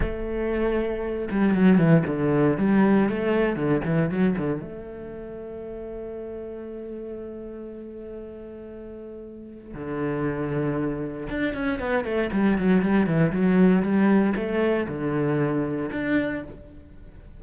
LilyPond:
\new Staff \with { instrumentName = "cello" } { \time 4/4 \tempo 4 = 117 a2~ a8 g8 fis8 e8 | d4 g4 a4 d8 e8 | fis8 d8 a2.~ | a1~ |
a2. d4~ | d2 d'8 cis'8 b8 a8 | g8 fis8 g8 e8 fis4 g4 | a4 d2 d'4 | }